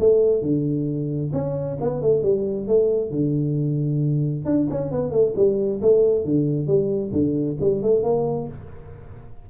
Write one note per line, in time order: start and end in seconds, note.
0.00 0.43 A3
0.43 1.32 D3
1.33 1.78 C#4
1.81 2.02 B3
2.02 2.23 A3
2.23 2.68 G3
2.68 3.11 A3
3.11 4.46 D3
4.46 4.68 D4
4.71 4.92 C#4
4.92 5.12 B3
5.12 5.34 A3
5.36 5.81 G3
5.82 6.25 A3
6.25 6.68 D3
6.68 7.13 G3
7.13 7.58 D3
7.61 7.83 G3
7.83 8.04 A3
8.04 8.48 A#3